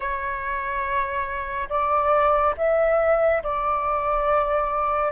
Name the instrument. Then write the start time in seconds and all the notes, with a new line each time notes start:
flute
0.00 C#5
1.69 D5
2.57 E5
3.43 D5